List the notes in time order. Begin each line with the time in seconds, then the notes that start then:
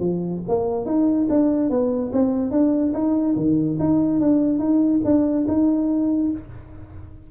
0.00 F3
0.49 A#3
0.86 D#4
1.30 D4
1.70 B3
2.13 C4
2.51 D4
2.94 D#4
3.37 D#3
3.80 D#4
4.20 D4
4.59 D#4
5.05 D4
5.48 D#4